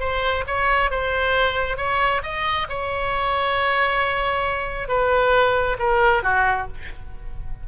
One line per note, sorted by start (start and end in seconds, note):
0.00 0.44 C5
0.47 0.91 C#5
0.91 1.77 C5
1.77 2.22 C#5
2.23 2.67 D#5
2.69 4.88 C#5
4.88 5.77 B4
5.79 6.23 A#4
6.23 6.68 F#4